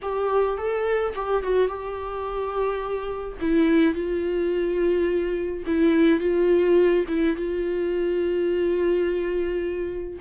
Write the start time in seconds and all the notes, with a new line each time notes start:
0.02 G4
0.57 A4
1.15 G4
1.43 F#4
1.67 G4
3.40 E4
3.94 F4
5.66 E4
6.20 F4
7.08 E4
7.36 F4